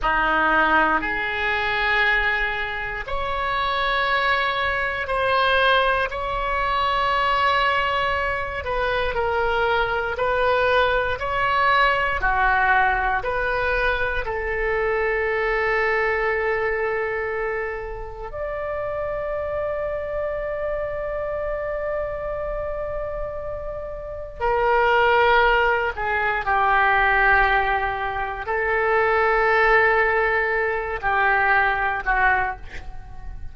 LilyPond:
\new Staff \with { instrumentName = "oboe" } { \time 4/4 \tempo 4 = 59 dis'4 gis'2 cis''4~ | cis''4 c''4 cis''2~ | cis''8 b'8 ais'4 b'4 cis''4 | fis'4 b'4 a'2~ |
a'2 d''2~ | d''1 | ais'4. gis'8 g'2 | a'2~ a'8 g'4 fis'8 | }